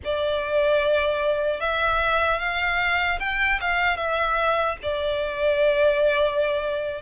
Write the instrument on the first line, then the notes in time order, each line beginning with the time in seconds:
violin
0.04 D5
1.60 E5
2.39 F5
3.19 G5
3.60 F5
3.96 E5
4.82 D5